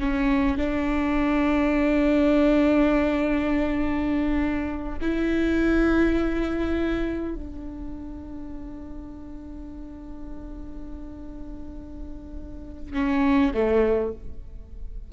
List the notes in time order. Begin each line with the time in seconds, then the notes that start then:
0.00 C#4
0.58 D4
5.01 E4
7.36 D4
12.94 C#4
13.54 A3